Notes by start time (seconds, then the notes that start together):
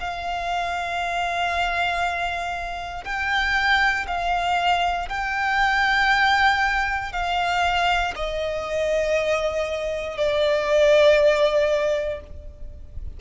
0.00 F5
3.04 G5
4.07 F5
5.09 G5
7.12 F5
8.15 D#5
10.17 D5